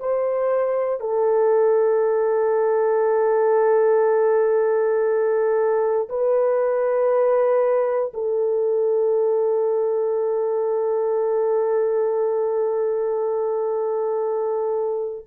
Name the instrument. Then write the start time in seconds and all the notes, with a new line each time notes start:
horn
0.00 C5
1.00 A4
6.09 B4
8.14 A4